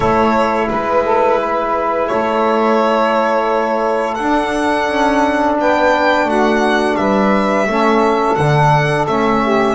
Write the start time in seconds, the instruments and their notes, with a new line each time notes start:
0.00 double bass A3, trombone E4, saxophone A4, violin C#5
0.69 double bass G#3, violin B4, saxophone B4
1.04 saxophone A4
1.39 saxophone B4
2.07 double bass A3, saxophone A4, violin C#5
4.14 double bass D4, trombone D4, violin F#5
4.88 double bass C#4
5.58 double bass B3, saxophone B4, violin G5
6.24 double bass A3, saxophone F#4, violin F#5
6.96 double bass G3, saxophone B4, violin E5
7.66 double bass A3, trombone C#4, saxophone A4
8.35 double bass D3, trombone D4, violin F#5
9.07 double bass A3, trombone C#4, violin E5
9.42 saxophone G4